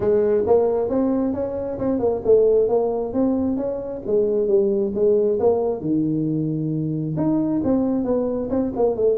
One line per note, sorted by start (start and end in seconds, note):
0.00 0.44 G#3
0.46 0.89 A#3
0.89 1.33 C4
1.33 1.78 C#4
1.78 1.99 C4
1.99 2.21 A#3
2.24 2.68 A3
2.68 3.13 A#3
3.13 3.57 C4
3.57 4.01 C#4
4.06 4.47 G#3
4.47 4.92 G3
4.94 5.39 G#3
5.39 5.81 A#3
5.81 7.15 D#3
7.16 7.61 D#4
7.64 8.04 C4
8.04 8.49 B3
8.50 8.72 C4
8.75 8.96 A#3
8.96 9.18 A3